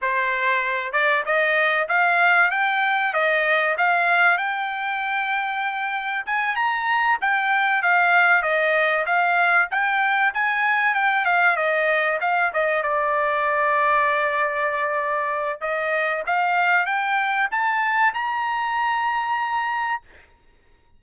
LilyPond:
\new Staff \with { instrumentName = "trumpet" } { \time 4/4 \tempo 4 = 96 c''4. d''8 dis''4 f''4 | g''4 dis''4 f''4 g''4~ | g''2 gis''8 ais''4 g''8~ | g''8 f''4 dis''4 f''4 g''8~ |
g''8 gis''4 g''8 f''8 dis''4 f''8 | dis''8 d''2.~ d''8~ | d''4 dis''4 f''4 g''4 | a''4 ais''2. | }